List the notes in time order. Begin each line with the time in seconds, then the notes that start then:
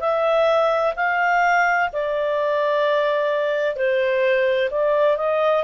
0.00 E5
0.96 F5
1.93 D5
3.76 C5
4.71 D5
5.17 D#5